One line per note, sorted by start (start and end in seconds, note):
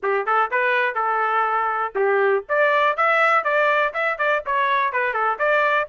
0.02 0.25 G4
0.25 0.50 A4
0.51 0.94 B4
0.94 1.93 A4
1.95 2.44 G4
2.48 2.96 D5
2.96 3.44 E5
3.44 3.93 D5
3.93 4.18 E5
4.18 4.42 D5
4.46 4.92 C#5
4.92 5.13 B4
5.13 5.38 A4
5.38 5.87 D5